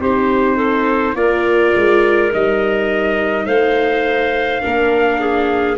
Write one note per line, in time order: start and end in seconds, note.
0.00 1.15 C4
0.00 1.16 D#4
0.00 0.57 G4
0.00 1.16 C5
0.57 1.14 A4
1.15 1.73 A#3
1.15 2.31 F4
1.15 3.46 A#4
1.15 2.32 D5
1.76 2.34 G#3
2.33 3.46 G3
2.33 4.61 D#4
2.33 3.46 D#5
3.46 4.62 A3
3.46 4.62 C5
3.46 5.77 F5
4.61 5.78 A#3
4.61 5.76 D4
4.61 5.20 A#4
5.20 5.78 G#4